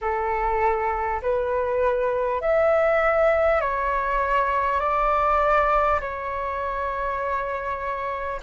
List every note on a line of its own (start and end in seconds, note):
0.01 1.21 A4
1.22 2.41 B4
2.41 3.61 E5
3.61 4.79 C#5
4.79 5.99 D5
6.00 8.40 C#5